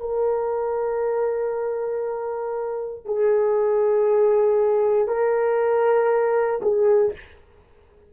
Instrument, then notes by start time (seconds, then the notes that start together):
horn
0.00 A#4
3.05 G#4
5.08 A#4
6.62 G#4